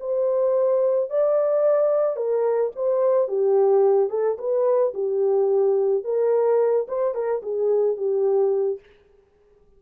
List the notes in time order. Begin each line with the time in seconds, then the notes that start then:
0.00 C5
1.10 D5
2.16 A#4
2.76 C5
3.28 G4
4.10 A4
4.38 B4
4.94 G4
6.04 A#4
6.88 C5
7.14 A#4
7.42 G#4
7.97 G4